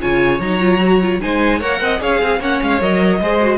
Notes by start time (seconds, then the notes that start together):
0.00 C#3 F4 C#5 G#5
0.39 F#3 D#4 A#5
0.60 F4
0.81 F#4
1.01 F4
1.20 G#3 D#4 C5 G#5
1.59 A#3 A#4 C#5 F#5
1.80 C4 D#5
1.98 C#4 G#4 C#5 F5
2.21 C4 G#4
2.39 A#3 C#4 C#5 F#5
2.62 G#3 F5
2.80 F#3 A#4 D#5
3.21 G#3 G#4 C5
3.41 F#4